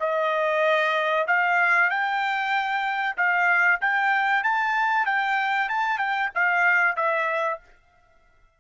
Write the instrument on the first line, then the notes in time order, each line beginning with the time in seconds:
trumpet
0.00 D#5
1.28 F5
1.90 G5
3.17 F5
3.81 G5
4.44 A5
5.06 G5
5.69 A5
5.99 G5
6.35 F5
6.96 E5